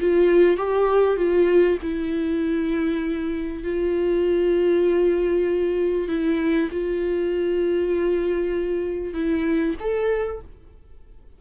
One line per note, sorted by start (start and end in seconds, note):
0.00 0.56 F4
0.56 1.16 G4
1.16 1.78 F4
1.82 3.63 E4
3.63 6.08 F4
6.08 6.69 E4
6.71 9.13 F4
9.13 9.75 E4
9.80 10.41 A4